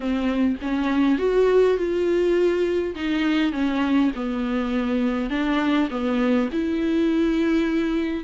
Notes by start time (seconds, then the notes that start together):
0.00 C4
0.61 C#4
1.18 F#4
1.77 F4
2.95 D#4
3.52 C#4
4.15 B3
5.30 D4
5.90 B3
6.52 E4